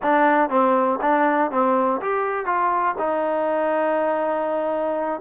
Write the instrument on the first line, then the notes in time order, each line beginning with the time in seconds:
trombone
0.02 D4
0.49 C4
1.01 D4
1.51 C4
2.01 G4
2.45 F4
2.98 D#4